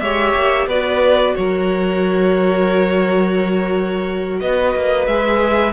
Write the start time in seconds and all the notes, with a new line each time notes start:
0.00 G#3 G4 C#5 E5
0.35 A#3
0.67 B3 F#4 B4 D5
1.35 F#3 A#4 C#5
4.40 B3 B4 D#5
4.76 A#3
5.07 G#3 G#4 E5